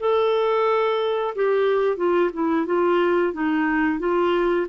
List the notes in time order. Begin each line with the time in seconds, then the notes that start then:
0.00 A4
1.36 G4
1.97 F4
2.34 E4
2.67 F4
3.33 D#4
4.00 F4